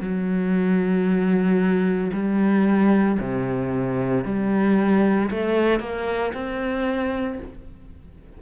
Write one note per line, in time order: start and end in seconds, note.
0.00 2.11 F#3
2.13 3.18 G3
3.19 4.24 C3
4.24 5.30 G3
5.31 5.80 A3
5.80 6.33 A#3
6.34 7.39 C4